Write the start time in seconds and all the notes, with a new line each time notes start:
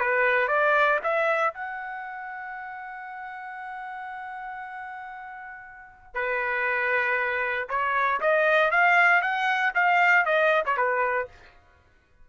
0.00 B4
0.48 D5
1.03 E5
1.54 F#5
6.14 B4
7.69 C#5
8.21 D#5
8.71 F5
9.22 F#5
9.75 F5
10.26 D#5
10.65 C#5
10.77 B4